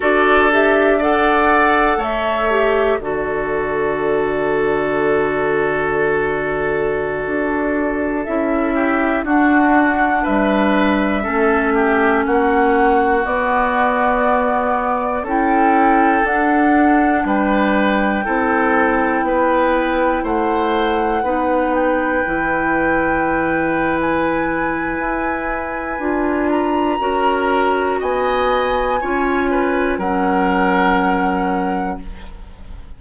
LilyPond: <<
  \new Staff \with { instrumentName = "flute" } { \time 4/4 \tempo 4 = 60 d''8 e''8 fis''4 e''4 d''4~ | d''1~ | d''16 e''4 fis''4 e''4.~ e''16~ | e''16 fis''4 d''2 g''8.~ |
g''16 fis''4 g''2~ g''8.~ | g''16 fis''4. g''2~ g''16 | gis''2~ gis''8 ais''4. | gis''2 fis''2 | }
  \new Staff \with { instrumentName = "oboe" } { \time 4/4 a'4 d''4 cis''4 a'4~ | a'1~ | a'8. g'8 fis'4 b'4 a'8 g'16~ | g'16 fis'2. a'8.~ |
a'4~ a'16 b'4 a'4 b'8.~ | b'16 c''4 b'2~ b'8.~ | b'2. ais'4 | dis''4 cis''8 b'8 ais'2 | }
  \new Staff \with { instrumentName = "clarinet" } { \time 4/4 fis'8 g'8 a'4. g'8 fis'4~ | fis'1~ | fis'16 e'4 d'2 cis'8.~ | cis'4~ cis'16 b2 e'8.~ |
e'16 d'2 e'4.~ e'16~ | e'4~ e'16 dis'4 e'4.~ e'16~ | e'2 f'4 fis'4~ | fis'4 f'4 cis'2 | }
  \new Staff \with { instrumentName = "bassoon" } { \time 4/4 d'2 a4 d4~ | d2.~ d16 d'8.~ | d'16 cis'4 d'4 g4 a8.~ | a16 ais4 b2 cis'8.~ |
cis'16 d'4 g4 c'4 b8.~ | b16 a4 b4 e4.~ e16~ | e4 e'4 d'4 cis'4 | b4 cis'4 fis2 | }
>>